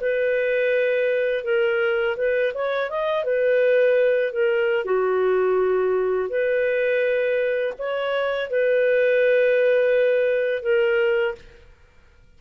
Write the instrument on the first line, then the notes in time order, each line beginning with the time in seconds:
clarinet
0.00 B4
1.44 A#4
2.16 B4
2.53 C#5
2.89 D#5
3.24 B4
4.32 A#4
4.85 F#4
6.29 B4
7.78 C#5
8.50 B4
10.62 A#4